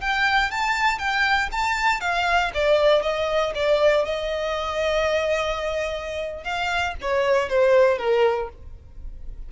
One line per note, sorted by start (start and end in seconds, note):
0.00 0.50 G5
0.50 0.98 A5
0.98 1.49 G5
1.51 2.00 A5
2.00 2.51 F5
2.54 3.02 D5
3.02 3.53 D#5
3.54 4.05 D5
4.05 6.43 D#5
6.43 6.94 F5
7.01 7.49 C#5
7.49 7.98 C5
7.98 8.48 A#4